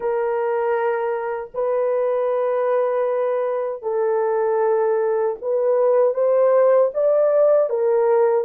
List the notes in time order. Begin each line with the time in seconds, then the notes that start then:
0.00 A#4
1.54 B4
3.82 A4
5.41 B4
6.14 C5
6.94 D5
7.69 A#4